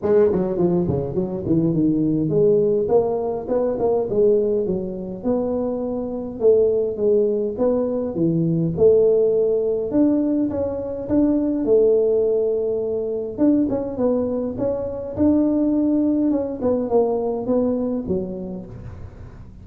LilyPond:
\new Staff \with { instrumentName = "tuba" } { \time 4/4 \tempo 4 = 103 gis8 fis8 f8 cis8 fis8 e8 dis4 | gis4 ais4 b8 ais8 gis4 | fis4 b2 a4 | gis4 b4 e4 a4~ |
a4 d'4 cis'4 d'4 | a2. d'8 cis'8 | b4 cis'4 d'2 | cis'8 b8 ais4 b4 fis4 | }